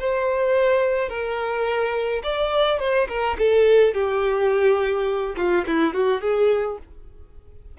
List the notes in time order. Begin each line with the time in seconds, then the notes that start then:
0.00 C5
1.10 A#4
2.24 D5
2.80 C5
3.09 A#4
3.39 A4
3.94 G4
5.37 F4
5.67 E4
5.94 F#4
6.22 G#4